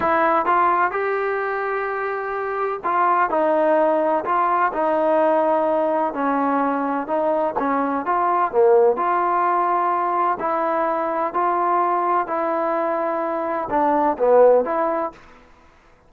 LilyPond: \new Staff \with { instrumentName = "trombone" } { \time 4/4 \tempo 4 = 127 e'4 f'4 g'2~ | g'2 f'4 dis'4~ | dis'4 f'4 dis'2~ | dis'4 cis'2 dis'4 |
cis'4 f'4 ais4 f'4~ | f'2 e'2 | f'2 e'2~ | e'4 d'4 b4 e'4 | }